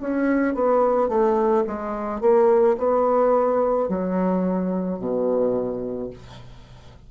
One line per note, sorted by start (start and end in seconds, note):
0.00 0.54 C#4
0.54 1.08 B3
1.08 1.64 A3
1.66 2.21 G#3
2.21 2.76 A#3
2.77 3.88 B3
3.88 4.98 F#3
4.98 6.10 B2